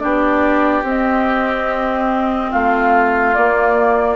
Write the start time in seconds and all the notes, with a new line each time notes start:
0.00 B3 D4 G4 D5
0.83 C4 D#5
2.51 A3 F4 F5
3.34 A#3 D5